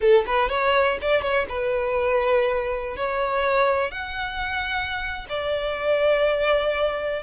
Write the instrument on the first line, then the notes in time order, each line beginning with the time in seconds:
violin
0.00 A4
0.26 B4
0.49 C#5
1.01 D5
1.21 C#5
1.48 B4
2.96 C#5
3.91 F#5
5.29 D5